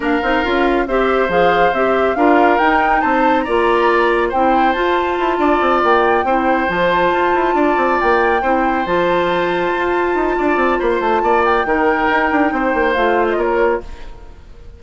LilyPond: <<
  \new Staff \with { instrumentName = "flute" } { \time 4/4 \tempo 4 = 139 f''2 e''4 f''4 | e''4 f''4 g''4 a''4 | ais''2 g''4 a''4~ | a''4. g''2 a''8~ |
a''2~ a''8 g''4.~ | g''8 a''2.~ a''8~ | a''4 b''16 c'''16 a''4 g''4.~ | g''2 f''8. dis''16 cis''4 | }
  \new Staff \with { instrumentName = "oboe" } { \time 4/4 ais'2 c''2~ | c''4 ais'2 c''4 | d''2 c''2~ | c''8 d''2 c''4.~ |
c''4. d''2 c''8~ | c''1 | d''4 c''4 d''4 ais'4~ | ais'4 c''2 ais'4 | }
  \new Staff \with { instrumentName = "clarinet" } { \time 4/4 d'8 dis'8 f'4 g'4 gis'4 | g'4 f'4 dis'2 | f'2 e'4 f'4~ | f'2~ f'8 e'4 f'8~ |
f'2.~ f'8 e'8~ | e'8 f'2.~ f'8~ | f'2. dis'4~ | dis'2 f'2 | }
  \new Staff \with { instrumentName = "bassoon" } { \time 4/4 ais8 c'8 cis'4 c'4 f4 | c'4 d'4 dis'4 c'4 | ais2 c'4 f'4 | e'8 d'8 c'8 ais4 c'4 f8~ |
f8 f'8 e'8 d'8 c'8 ais4 c'8~ | c'8 f2 f'4 dis'8 | d'8 c'8 ais8 a8 ais4 dis4 | dis'8 d'8 c'8 ais8 a4 ais4 | }
>>